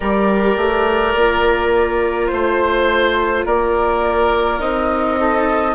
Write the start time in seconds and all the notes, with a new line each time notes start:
0.00 G3 G4 A#4 D5
0.56 A3
1.15 A#3 F4
2.26 A3 C5
2.32 C5
3.45 A#3 A#4 D5
4.59 C4 D#4 D#5
5.19 A4